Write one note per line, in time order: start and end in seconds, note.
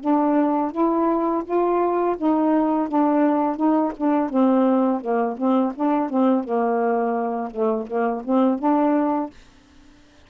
0.00 0.71 D4
0.71 1.43 E4
1.44 2.16 F4
2.17 2.88 D#4
2.88 3.56 D4
3.56 3.92 D#4
3.96 4.29 D4
4.29 5.01 C4
5.01 5.36 A#3
5.37 5.73 C4
5.75 6.09 D4
6.09 6.44 C4
6.44 7.50 A#3
7.50 7.86 A3
7.87 8.22 A#3
8.24 8.58 C4
8.58 9.30 D4